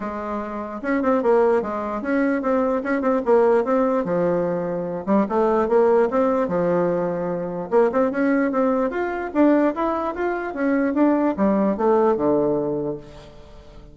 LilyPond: \new Staff \with { instrumentName = "bassoon" } { \time 4/4 \tempo 4 = 148 gis2 cis'8 c'8 ais4 | gis4 cis'4 c'4 cis'8 c'8 | ais4 c'4 f2~ | f8 g8 a4 ais4 c'4 |
f2. ais8 c'8 | cis'4 c'4 f'4 d'4 | e'4 f'4 cis'4 d'4 | g4 a4 d2 | }